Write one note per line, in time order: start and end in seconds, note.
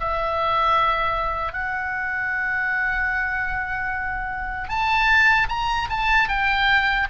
0.00 1.53 E5
1.53 4.68 F#5
4.69 5.48 A5
5.49 5.88 A#5
5.90 6.28 A5
6.28 7.07 G5